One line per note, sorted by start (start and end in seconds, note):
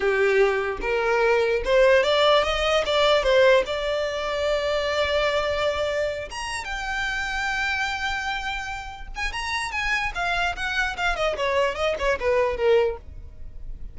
0.00 0.78 G4
0.81 1.62 A#4
1.64 2.03 C5
2.03 2.43 D5
2.43 2.84 D#5
2.85 3.23 D5
3.23 3.63 C5
3.65 6.29 D5
6.30 6.64 A#5
6.64 9.07 G5
9.15 9.32 G#5
9.32 9.71 A#5
9.71 10.12 G#5
10.14 10.55 F5
10.55 10.96 F#5
10.96 11.16 F5
11.16 11.36 D#5
11.37 11.75 C#5
11.75 11.95 D#5
11.98 12.18 C#5
12.19 12.56 B4
12.56 12.97 A#4